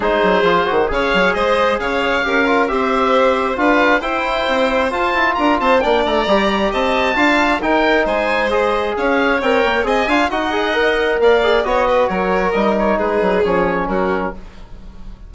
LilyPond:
<<
  \new Staff \with { instrumentName = "oboe" } { \time 4/4 \tempo 4 = 134 c''2 f''4 dis''4 | f''2 e''2 | f''4 g''2 a''4 | ais''8 a''8 g''8 ais''4. a''4~ |
a''4 g''4 gis''4 dis''4 | f''4 g''4 gis''4 fis''4~ | fis''4 f''4 dis''4 cis''4 | dis''8 cis''8 b'4 cis''4 ais'4 | }
  \new Staff \with { instrumentName = "violin" } { \time 4/4 gis'2 cis''4 c''4 | cis''4 ais'4 c''2 | b'4 c''2. | ais'8 c''8 d''2 dis''4 |
f''4 ais'4 c''2 | cis''2 dis''8 f''8 dis''4~ | dis''4 d''4 cis''8 b'8 ais'4~ | ais'4 gis'2 fis'4 | }
  \new Staff \with { instrumentName = "trombone" } { \time 4/4 dis'4 f'8 fis'8 gis'2~ | gis'4 g'8 f'8 g'2 | f'4 e'2 f'4~ | f'4 d'4 g'2 |
f'4 dis'2 gis'4~ | gis'4 ais'4 gis'8 f'8 fis'8 gis'8 | ais'4. gis'8 fis'2 | dis'2 cis'2 | }
  \new Staff \with { instrumentName = "bassoon" } { \time 4/4 gis8 fis8 f8 dis8 cis8 fis8 gis4 | cis4 cis'4 c'2 | d'4 e'4 c'4 f'8 e'8 | d'8 c'8 ais8 a8 g4 c'4 |
d'4 dis'4 gis2 | cis'4 c'8 ais8 c'8 d'8 dis'4~ | dis'4 ais4 b4 fis4 | g4 gis8 fis8 f4 fis4 | }
>>